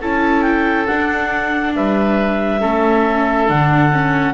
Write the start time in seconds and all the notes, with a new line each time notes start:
0.00 C#4 E4 A4 A5
0.41 G5
0.86 D4 F#5
1.75 G3 B4 E5
2.60 A3 C#4 A4
3.47 D3 D4 F#5
3.92 C#4